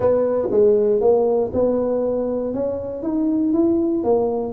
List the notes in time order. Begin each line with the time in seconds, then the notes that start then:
0.00 B3
0.51 G#3
1.00 A#3
1.53 B3
2.54 C#4
3.03 D#4
3.53 E4
4.03 A#3